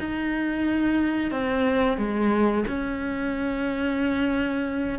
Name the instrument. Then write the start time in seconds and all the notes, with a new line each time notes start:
cello
0.00 D#4
1.32 C4
1.98 G#3
2.68 C#4